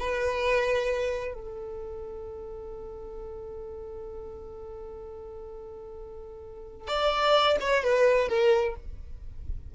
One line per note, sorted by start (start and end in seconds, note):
0.00 1.34 B4
1.34 6.88 A4
6.88 7.57 D5
7.61 7.84 C#5
7.84 8.29 B4
8.29 8.75 A#4